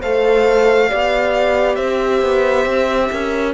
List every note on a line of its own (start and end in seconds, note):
0.00 0.91 A3
0.00 0.88 A4
0.00 0.88 C5
0.00 1.75 F5
0.88 1.77 B3
0.88 3.53 G4
0.88 1.76 D5
1.75 2.21 C4
1.75 3.09 C5
1.75 3.51 E5
2.21 2.65 B3
2.65 3.09 C4
3.10 3.53 C#4
3.10 3.53 A#4